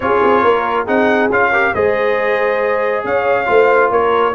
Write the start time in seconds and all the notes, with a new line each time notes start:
0.00 C#4 F4 G#4 C#5
0.23 C4
0.42 A#3 A#4
0.84 C4 D#4 G#4 F#5
1.30 C#4 F4 F5
1.51 G4 A#4
1.74 G#3 G#4 C5 D#5
3.04 C#4 C#5 F5
3.45 A3 F4 C5
3.90 A#3 A#4 C#5